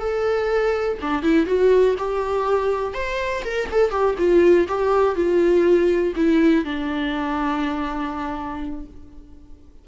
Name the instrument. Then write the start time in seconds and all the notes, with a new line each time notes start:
viola
0.00 A4
1.02 D4
1.23 E4
1.46 F#4
1.99 G4
2.94 C5
3.45 A#4
3.72 A4
3.91 G4
4.19 F4
4.68 G4
5.16 F4
6.16 E4
6.65 D4